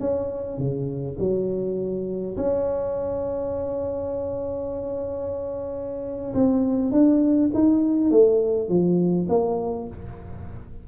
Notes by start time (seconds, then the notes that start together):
0.00 C#4
0.58 C#3
1.19 F#3
2.37 C#4
6.34 C4
6.92 D4
7.54 D#4
8.11 A3
8.69 F3
9.29 A#3